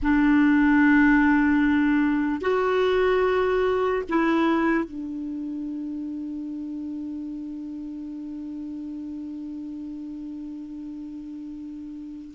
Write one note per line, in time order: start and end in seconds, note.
0.02 2.41 D4
2.41 4.03 F#4
4.09 4.84 E4
4.84 12.34 D4